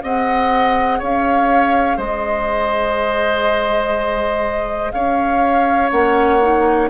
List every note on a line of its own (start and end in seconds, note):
0.00 1.01 C4
0.00 5.90 G#4
0.00 0.98 D#5
0.00 1.01 F#5
0.98 1.97 C#4
0.98 1.97 C#5
0.98 1.98 F5
1.97 4.92 G#3
1.97 4.92 C5
1.97 4.91 D#5
4.91 5.91 C#4
4.91 6.90 C#5
4.91 5.89 F5
5.90 6.90 A#3
5.90 6.40 C#4
5.90 6.89 F#5
6.40 6.90 D#4